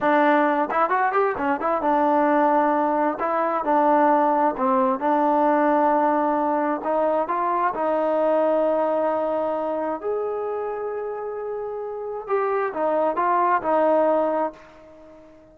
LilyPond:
\new Staff \with { instrumentName = "trombone" } { \time 4/4 \tempo 4 = 132 d'4. e'8 fis'8 g'8 cis'8 e'8 | d'2. e'4 | d'2 c'4 d'4~ | d'2. dis'4 |
f'4 dis'2.~ | dis'2 gis'2~ | gis'2. g'4 | dis'4 f'4 dis'2 | }